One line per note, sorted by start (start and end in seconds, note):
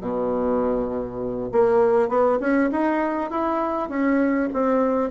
0.00 1.50 B2
1.52 2.08 A#3
2.08 2.38 B3
2.40 2.70 C#4
2.71 3.30 D#4
3.30 3.89 E4
3.89 4.49 C#4
4.53 5.10 C4